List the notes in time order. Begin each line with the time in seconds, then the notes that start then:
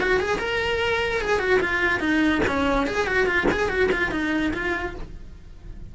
0.00 F#4
0.20 G#4
0.39 A#4
1.21 G#4
1.39 F#4
1.60 F4
2.00 D#4
2.47 C#4
2.87 G#4
3.07 F#4
3.26 F4
3.52 G#4
3.69 F#4
3.92 F4
4.11 D#4
4.53 F4